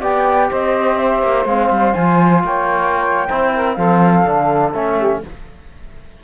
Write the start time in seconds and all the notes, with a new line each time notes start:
0.00 B3 G4 D5 G5
0.50 C4 C5 D#5
0.97 E5
1.22 A#3
1.45 G#3 C4 F5
1.70 G3
1.94 F3 F4 G#5
2.44 A#3 C#5 G5
3.27 C4 E4 C5
3.54 A#4
3.74 F3 C4 A4 F5
4.24 D3 D4
4.73 A3 C#4 E5
4.97 G4